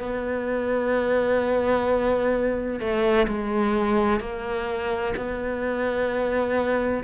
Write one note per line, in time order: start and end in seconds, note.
0.00 2.80 B3
2.80 3.27 A3
3.28 4.21 G#3
4.21 5.14 A#3
5.16 7.04 B3